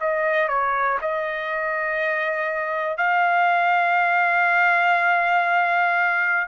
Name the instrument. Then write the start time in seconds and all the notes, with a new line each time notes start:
trumpet
0.00 D#5
0.48 C#5
1.01 D#5
2.97 F5